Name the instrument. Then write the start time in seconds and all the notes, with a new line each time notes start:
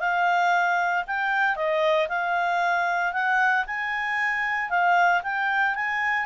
clarinet
0.00 F5
1.07 G5
1.56 D#5
2.09 F5
3.13 F#5
3.67 G#5
4.70 F5
5.23 G5
5.75 G#5